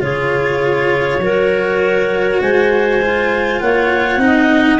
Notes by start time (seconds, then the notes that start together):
0.00 C#3 F4 G#4 C#5
1.19 F#3 F#4 A#4
2.41 G#3 C5 G#5
3.02 F4
3.60 A#3 C#5 F#5
4.17 C4 D#4
4.24 D#5